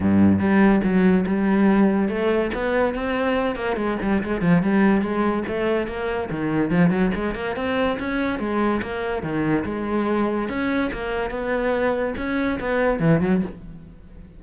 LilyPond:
\new Staff \with { instrumentName = "cello" } { \time 4/4 \tempo 4 = 143 g,4 g4 fis4 g4~ | g4 a4 b4 c'4~ | c'8 ais8 gis8 g8 gis8 f8 g4 | gis4 a4 ais4 dis4 |
f8 fis8 gis8 ais8 c'4 cis'4 | gis4 ais4 dis4 gis4~ | gis4 cis'4 ais4 b4~ | b4 cis'4 b4 e8 fis8 | }